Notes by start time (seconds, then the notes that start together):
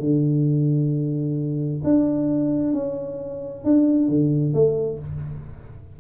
0.00 D3
1.84 D4
2.74 C#4
3.65 D4
4.08 D3
4.54 A3